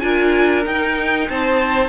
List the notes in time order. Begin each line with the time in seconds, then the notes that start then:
0.00 D4 F4 A#4 G#5
0.66 D#4 G5
1.29 C4 C5 A5